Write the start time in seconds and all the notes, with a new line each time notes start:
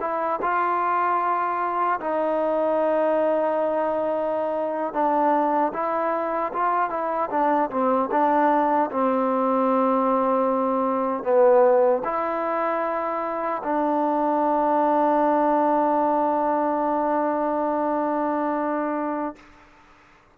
0.00 E4
0.42 F4
2.00 D#4
4.93 D4
5.73 E4
6.53 F4
6.90 E4
7.30 D4
7.70 C4
8.11 D4
8.91 C4
11.23 B3
12.04 E4
13.63 D4